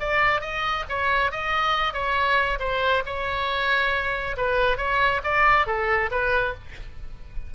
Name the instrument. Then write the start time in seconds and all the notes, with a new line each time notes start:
oboe
0.00 D5
0.42 D#5
0.89 C#5
1.32 D#5
1.94 C#5
2.60 C5
3.07 C#5
4.37 B4
4.78 C#5
5.24 D5
5.67 A4
6.11 B4